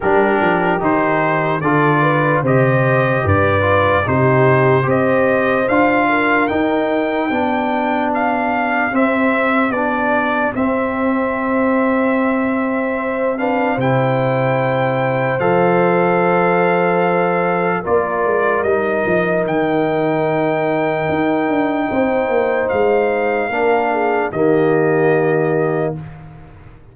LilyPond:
<<
  \new Staff \with { instrumentName = "trumpet" } { \time 4/4 \tempo 4 = 74 ais'4 c''4 d''4 dis''4 | d''4 c''4 dis''4 f''4 | g''2 f''4 e''4 | d''4 e''2.~ |
e''8 f''8 g''2 f''4~ | f''2 d''4 dis''4 | g''1 | f''2 dis''2 | }
  \new Staff \with { instrumentName = "horn" } { \time 4/4 g'2 a'8 b'8 c''4 | b'4 g'4 c''4. ais'8~ | ais'4 g'2.~ | g'1 |
c''8 b'8 c''2.~ | c''2 ais'2~ | ais'2. c''4~ | c''4 ais'8 gis'8 g'2 | }
  \new Staff \with { instrumentName = "trombone" } { \time 4/4 d'4 dis'4 f'4 g'4~ | g'8 f'8 dis'4 g'4 f'4 | dis'4 d'2 c'4 | d'4 c'2.~ |
c'8 d'8 e'2 a'4~ | a'2 f'4 dis'4~ | dis'1~ | dis'4 d'4 ais2 | }
  \new Staff \with { instrumentName = "tuba" } { \time 4/4 g8 f8 dis4 d4 c4 | g,4 c4 c'4 d'4 | dis'4 b2 c'4 | b4 c'2.~ |
c'4 c2 f4~ | f2 ais8 gis8 g8 f8 | dis2 dis'8 d'8 c'8 ais8 | gis4 ais4 dis2 | }
>>